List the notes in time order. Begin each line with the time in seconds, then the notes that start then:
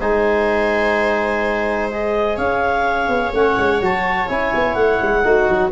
0.00 G#3 D#4 C5 G#5
1.91 G#4 D#5
2.37 C#4 C#5 F5
3.09 B3
3.33 A3 C#4 F#5
3.58 G#3
3.81 F#3 F#4 A5
4.28 C#4 E4 G#5
4.55 B3
4.75 A3 F#5
5.03 G#3
5.24 A3 D#4 F#4
5.49 F#3